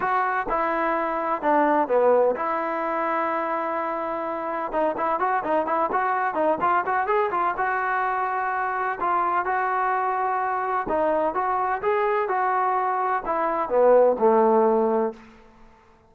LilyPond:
\new Staff \with { instrumentName = "trombone" } { \time 4/4 \tempo 4 = 127 fis'4 e'2 d'4 | b4 e'2.~ | e'2 dis'8 e'8 fis'8 dis'8 | e'8 fis'4 dis'8 f'8 fis'8 gis'8 f'8 |
fis'2. f'4 | fis'2. dis'4 | fis'4 gis'4 fis'2 | e'4 b4 a2 | }